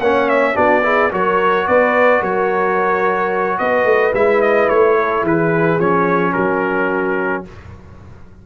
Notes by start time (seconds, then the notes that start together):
0.00 A#3 C#4 C#5 F#5
0.29 E5
0.54 B3 D4 F#4 D5
0.83 E4 G#4
1.11 F#3 F#4 A#4 C#5
1.67 B3 B4 D5
2.21 F#3 A#4 C#5
3.58 B3 B4 D#5
3.85 A3
4.14 G#3 E4 E5
4.42 D#5
4.69 A3 C#5
4.99 A4
5.22 E3 G#4 B4
5.79 F3 C#4 C#5
6.33 F#3 F#4 A#4